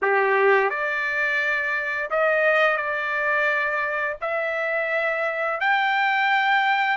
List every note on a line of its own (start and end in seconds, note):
0.02 0.69 G4
0.69 2.09 D5
2.10 2.77 D#5
2.77 4.16 D5
4.21 5.60 E5
5.60 6.97 G5